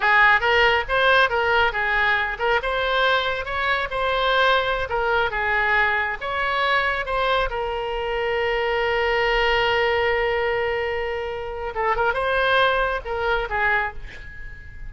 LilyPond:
\new Staff \with { instrumentName = "oboe" } { \time 4/4 \tempo 4 = 138 gis'4 ais'4 c''4 ais'4 | gis'4. ais'8 c''2 | cis''4 c''2~ c''16 ais'8.~ | ais'16 gis'2 cis''4.~ cis''16~ |
cis''16 c''4 ais'2~ ais'8.~ | ais'1~ | ais'2. a'8 ais'8 | c''2 ais'4 gis'4 | }